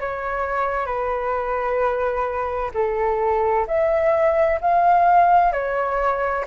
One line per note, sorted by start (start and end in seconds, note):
0.00 0.86 C#5
0.86 2.71 B4
2.74 3.66 A4
3.67 4.59 E5
4.61 5.52 F5
5.52 6.44 C#5